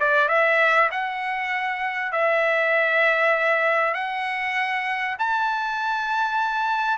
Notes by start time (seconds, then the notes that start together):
0.00 D5
0.29 E5
0.91 F#5
2.12 E5
3.94 F#5
5.19 A5